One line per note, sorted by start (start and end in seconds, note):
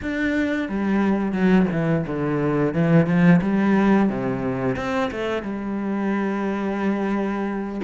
0.02 0.68 D4
0.68 1.32 G3
1.32 1.66 F#3
1.71 2.05 E3
2.06 2.73 D3
2.73 3.06 E3
3.06 3.40 F3
3.41 4.09 G3
4.09 4.76 C3
4.76 5.10 C4
5.11 5.42 A3
5.42 7.81 G3